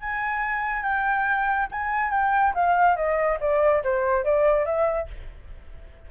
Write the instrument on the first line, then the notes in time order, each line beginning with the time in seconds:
flute
0.00 G#5
0.82 G5
1.71 G#5
2.11 G5
2.54 F5
2.96 D#5
3.40 D5
3.83 C5
4.24 D5
4.65 E5